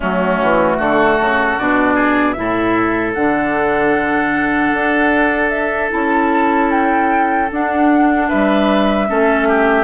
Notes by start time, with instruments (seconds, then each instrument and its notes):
0.00 bassoon F#3, clarinet A3, oboe C#4, flute F#4
0.41 bassoon E3
0.77 bassoon D3, oboe F#4, flute A4
1.20 bassoon C#3
1.58 bassoon B2, clarinet D4, flute D5
1.95 oboe G#4
2.32 bassoon A2, clarinet E4, flute E5
2.39 oboe A4
3.13 bassoon D3, clarinet D4, flute F#5
4.73 bassoon D4
5.49 flute E5
5.89 bassoon C#4, clarinet E4, flute A5
6.71 flute G5
7.51 bassoon D4, clarinet D4, flute F#5
8.28 bassoon G3, oboe B4, flute E5
9.07 bassoon A3, clarinet C#4, oboe A4
9.48 oboe G4